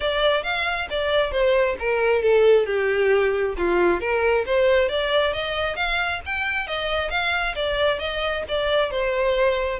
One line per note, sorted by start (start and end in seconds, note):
0.00 0.43 D5
0.43 0.87 F5
0.90 1.31 D5
1.31 1.76 C5
1.79 2.22 A#4
2.22 2.66 A4
2.66 3.55 G4
3.57 4.00 F4
4.00 4.44 A#4
4.46 4.88 C5
4.88 5.33 D5
5.33 5.76 D#5
5.76 6.20 F5
6.25 6.67 G5
6.67 7.10 D#5
7.10 7.55 F5
7.55 7.99 D5
7.99 8.43 D#5
8.48 8.90 D5
8.90 9.79 C5